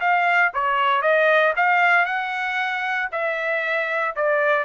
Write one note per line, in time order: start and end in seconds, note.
0.00 0.52 F5
0.54 1.02 C#5
1.02 1.54 D#5
1.56 2.05 F5
2.05 3.09 F#5
3.12 4.15 E5
4.16 4.64 D5